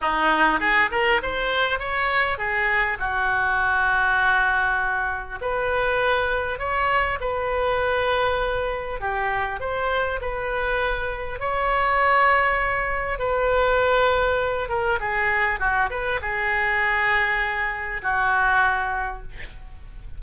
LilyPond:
\new Staff \with { instrumentName = "oboe" } { \time 4/4 \tempo 4 = 100 dis'4 gis'8 ais'8 c''4 cis''4 | gis'4 fis'2.~ | fis'4 b'2 cis''4 | b'2. g'4 |
c''4 b'2 cis''4~ | cis''2 b'2~ | b'8 ais'8 gis'4 fis'8 b'8 gis'4~ | gis'2 fis'2 | }